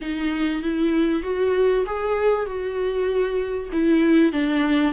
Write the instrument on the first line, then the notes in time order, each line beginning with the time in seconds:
viola
0.01 D#4
0.62 E4
1.22 F#4
1.86 G#4
2.46 F#4
3.72 E4
4.32 D4